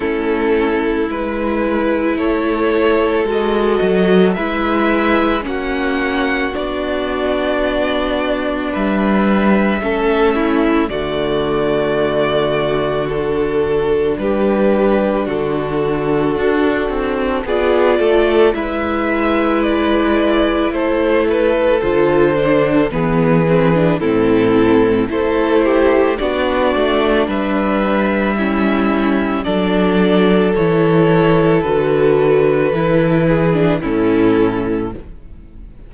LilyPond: <<
  \new Staff \with { instrumentName = "violin" } { \time 4/4 \tempo 4 = 55 a'4 b'4 cis''4 dis''4 | e''4 fis''4 d''2 | e''2 d''2 | a'4 b'4 a'2 |
d''4 e''4 d''4 c''8 b'8 | c''4 b'4 a'4 c''4 | d''4 e''2 d''4 | cis''4 b'2 a'4 | }
  \new Staff \with { instrumentName = "violin" } { \time 4/4 e'2 a'2 | b'4 fis'2. | b'4 a'8 e'8 fis'2~ | fis'4 g'4 fis'2 |
gis'8 a'8 b'2 a'4~ | a'4 gis'4 e'4 a'8 g'8 | fis'4 b'4 e'4 a'4~ | a'2~ a'8 gis'8 e'4 | }
  \new Staff \with { instrumentName = "viola" } { \time 4/4 cis'4 e'2 fis'4 | e'4 cis'4 d'2~ | d'4 cis'4 a2 | d'1 |
f'4 e'2. | f'8 d'8 b8 c'16 d'16 c'4 e'4 | d'2 cis'4 d'4 | e'4 fis'4 e'8. d'16 cis'4 | }
  \new Staff \with { instrumentName = "cello" } { \time 4/4 a4 gis4 a4 gis8 fis8 | gis4 ais4 b2 | g4 a4 d2~ | d4 g4 d4 d'8 c'8 |
b8 a8 gis2 a4 | d4 e4 a,4 a4 | b8 a8 g2 fis4 | e4 d4 e4 a,4 | }
>>